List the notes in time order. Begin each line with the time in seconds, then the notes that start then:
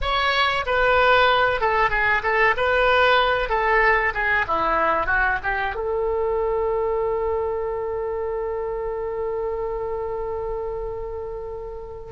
0.01 C#5
0.66 B4
1.60 A4
1.89 G#4
2.22 A4
2.56 B4
3.49 A4
4.13 G#4
4.47 E4
5.06 F#4
5.43 G4
5.75 A4